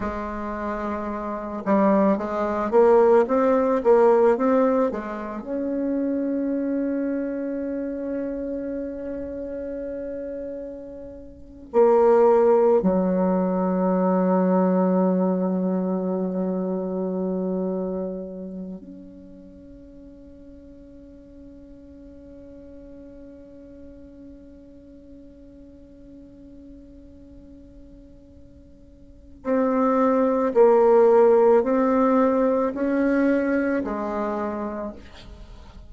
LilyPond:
\new Staff \with { instrumentName = "bassoon" } { \time 4/4 \tempo 4 = 55 gis4. g8 gis8 ais8 c'8 ais8 | c'8 gis8 cis'2.~ | cis'2~ cis'8. ais4 fis16~ | fis1~ |
fis4~ fis16 cis'2~ cis'8.~ | cis'1~ | cis'2. c'4 | ais4 c'4 cis'4 gis4 | }